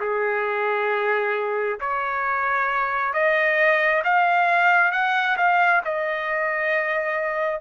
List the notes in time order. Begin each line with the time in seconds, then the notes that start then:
0.00 G#4
1.80 C#5
3.13 D#5
4.04 F5
4.92 F#5
5.37 F5
5.84 D#5